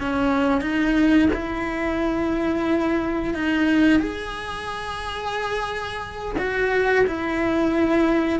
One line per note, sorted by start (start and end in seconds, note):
0.00 0.61 C#4
0.61 1.28 D#4
1.33 3.34 E4
3.34 4.00 D#4
4.00 6.36 G#4
6.38 7.06 F#4
7.07 8.40 E4